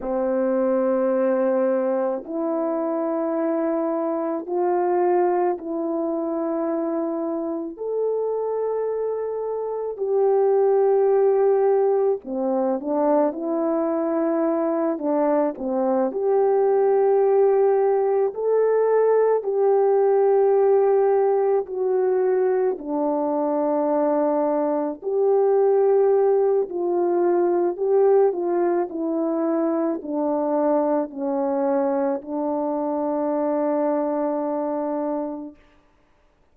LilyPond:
\new Staff \with { instrumentName = "horn" } { \time 4/4 \tempo 4 = 54 c'2 e'2 | f'4 e'2 a'4~ | a'4 g'2 c'8 d'8 | e'4. d'8 c'8 g'4.~ |
g'8 a'4 g'2 fis'8~ | fis'8 d'2 g'4. | f'4 g'8 f'8 e'4 d'4 | cis'4 d'2. | }